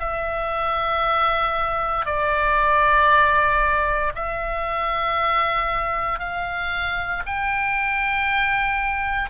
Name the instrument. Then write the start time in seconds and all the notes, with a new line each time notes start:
oboe
0.00 E5
2.06 D5
4.16 E5
6.20 F5
7.26 G5